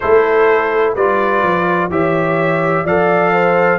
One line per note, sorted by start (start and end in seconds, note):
0.00 0.95 A3
0.00 0.97 E4
0.00 0.94 A4
0.00 0.93 C5
0.94 1.42 G3
0.94 1.90 F4
0.94 1.89 B4
0.94 1.90 D5
1.42 1.90 F3
1.90 2.84 E3
1.90 2.85 G4
1.90 2.84 C#5
1.90 2.86 E5
2.84 3.78 F3
2.84 3.78 A4
2.84 3.31 D5
2.84 3.78 F5
3.32 3.78 C5